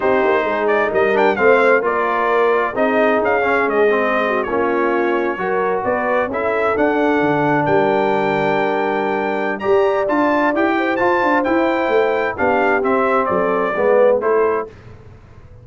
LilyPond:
<<
  \new Staff \with { instrumentName = "trumpet" } { \time 4/4 \tempo 4 = 131 c''4. d''8 dis''8 g''8 f''4 | d''2 dis''4 f''4 | dis''4.~ dis''16 cis''2~ cis''16~ | cis''8. d''4 e''4 fis''4~ fis''16~ |
fis''8. g''2.~ g''16~ | g''4 ais''4 a''4 g''4 | a''4 g''2 f''4 | e''4 d''2 c''4 | }
  \new Staff \with { instrumentName = "horn" } { \time 4/4 g'4 gis'4 ais'4 c''4 | ais'2 gis'2~ | gis'4~ gis'16 fis'8 f'2 ais'16~ | ais'8. b'4 a'2~ a'16~ |
a'8. ais'2.~ ais'16~ | ais'4 d''2~ d''8 c''8~ | c''2. g'4~ | g'4 a'4 b'4 a'4 | }
  \new Staff \with { instrumentName = "trombone" } { \time 4/4 dis'2~ dis'8 d'8 c'4 | f'2 dis'4. cis'8~ | cis'8 c'4~ c'16 cis'2 fis'16~ | fis'4.~ fis'16 e'4 d'4~ d'16~ |
d'1~ | d'4 g'4 f'4 g'4 | f'4 e'2 d'4 | c'2 b4 e'4 | }
  \new Staff \with { instrumentName = "tuba" } { \time 4/4 c'8 ais8 gis4 g4 a4 | ais2 c'4 cis'4 | gis4.~ gis16 ais2 fis16~ | fis8. b4 cis'4 d'4 d16~ |
d8. g2.~ g16~ | g4 g'4 d'4 e'4 | f'8 d'8 e'4 a4 b4 | c'4 fis4 gis4 a4 | }
>>